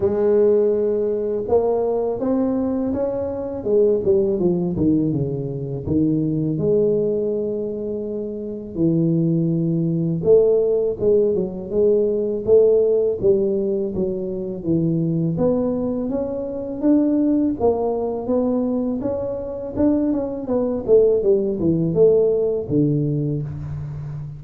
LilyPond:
\new Staff \with { instrumentName = "tuba" } { \time 4/4 \tempo 4 = 82 gis2 ais4 c'4 | cis'4 gis8 g8 f8 dis8 cis4 | dis4 gis2. | e2 a4 gis8 fis8 |
gis4 a4 g4 fis4 | e4 b4 cis'4 d'4 | ais4 b4 cis'4 d'8 cis'8 | b8 a8 g8 e8 a4 d4 | }